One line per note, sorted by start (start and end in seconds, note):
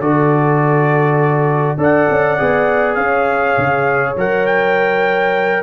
0.00 1.77 D3
0.00 1.78 F#4
0.00 1.78 A4
0.00 1.78 D5
1.77 2.07 D4
1.77 2.37 A4
1.77 2.97 D5
1.77 2.95 F#5
2.10 2.40 C#4
2.38 2.97 B3
2.38 4.16 G#4
2.95 3.56 C#4
2.95 5.62 C#5
2.95 4.13 F5
3.57 4.16 C#3
4.16 5.62 F#3
4.16 5.62 A#4
4.16 4.46 F#5
4.46 5.62 G5